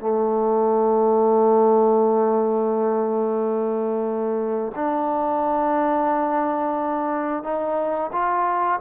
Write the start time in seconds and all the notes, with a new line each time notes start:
0.00 A3
4.75 D4
7.43 D#4
8.12 F4